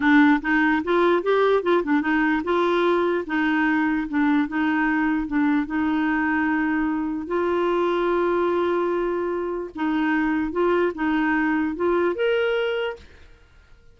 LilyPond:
\new Staff \with { instrumentName = "clarinet" } { \time 4/4 \tempo 4 = 148 d'4 dis'4 f'4 g'4 | f'8 d'8 dis'4 f'2 | dis'2 d'4 dis'4~ | dis'4 d'4 dis'2~ |
dis'2 f'2~ | f'1 | dis'2 f'4 dis'4~ | dis'4 f'4 ais'2 | }